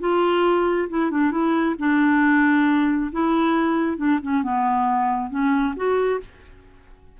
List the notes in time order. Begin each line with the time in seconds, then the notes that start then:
0.00 F4
0.89 E4
1.11 D4
1.31 E4
1.79 D4
3.12 E4
3.97 D4
4.22 C#4
4.43 B3
5.30 C#4
5.76 F#4